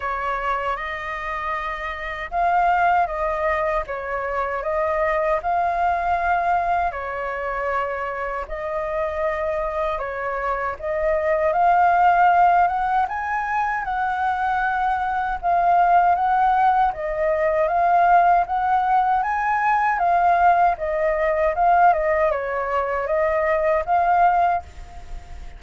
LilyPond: \new Staff \with { instrumentName = "flute" } { \time 4/4 \tempo 4 = 78 cis''4 dis''2 f''4 | dis''4 cis''4 dis''4 f''4~ | f''4 cis''2 dis''4~ | dis''4 cis''4 dis''4 f''4~ |
f''8 fis''8 gis''4 fis''2 | f''4 fis''4 dis''4 f''4 | fis''4 gis''4 f''4 dis''4 | f''8 dis''8 cis''4 dis''4 f''4 | }